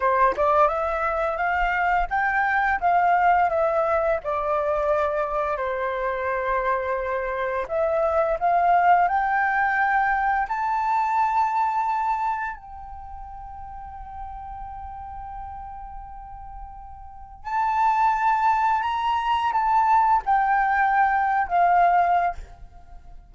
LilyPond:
\new Staff \with { instrumentName = "flute" } { \time 4/4 \tempo 4 = 86 c''8 d''8 e''4 f''4 g''4 | f''4 e''4 d''2 | c''2. e''4 | f''4 g''2 a''4~ |
a''2 g''2~ | g''1~ | g''4 a''2 ais''4 | a''4 g''4.~ g''16 f''4~ f''16 | }